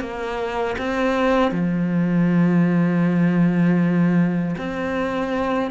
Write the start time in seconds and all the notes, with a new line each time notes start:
0.00 A#3
0.78 C4
1.51 F3
4.58 C4